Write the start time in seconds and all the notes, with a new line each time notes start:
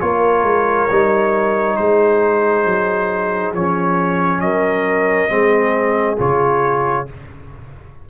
0.00 A#3 F4 A#4 C#5
0.42 G#3
0.90 G3 D#4
1.76 G#3 G#4 C5
2.65 F#3
3.53 F3 C#4 C#5
4.40 F#3 A#4 D#5
5.28 G#3 C4 G#4
6.17 C#3 F4 C#5